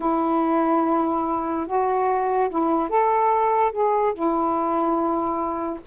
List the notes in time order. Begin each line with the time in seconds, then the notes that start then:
0.00 E4
1.66 F#4
2.49 E4
2.89 A4
3.72 G#4
4.13 E4